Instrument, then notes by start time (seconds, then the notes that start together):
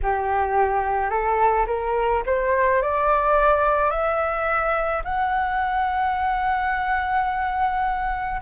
flute
0.02 G4
1.09 A4
1.67 A#4
2.26 C5
2.82 D5
3.90 E5
5.04 F#5